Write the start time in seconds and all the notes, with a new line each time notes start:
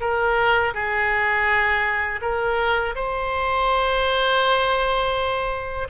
0.00 A#4
0.74 G#4
2.21 A#4
2.95 C5